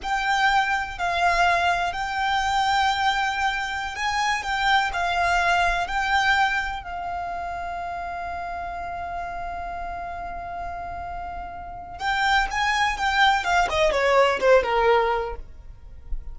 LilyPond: \new Staff \with { instrumentName = "violin" } { \time 4/4 \tempo 4 = 125 g''2 f''2 | g''1~ | g''16 gis''4 g''4 f''4.~ f''16~ | f''16 g''2 f''4.~ f''16~ |
f''1~ | f''1~ | f''4 g''4 gis''4 g''4 | f''8 dis''8 cis''4 c''8 ais'4. | }